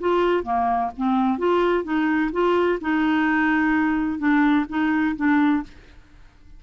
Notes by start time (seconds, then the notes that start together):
0.00 F4
0.43 A#3
0.97 C4
1.38 F4
1.84 D#4
2.32 F4
2.81 D#4
4.19 D4
4.69 D#4
5.16 D4